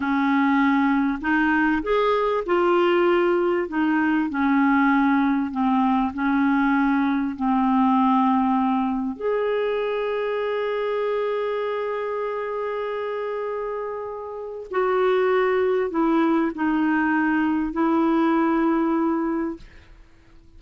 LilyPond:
\new Staff \with { instrumentName = "clarinet" } { \time 4/4 \tempo 4 = 98 cis'2 dis'4 gis'4 | f'2 dis'4 cis'4~ | cis'4 c'4 cis'2 | c'2. gis'4~ |
gis'1~ | gis'1 | fis'2 e'4 dis'4~ | dis'4 e'2. | }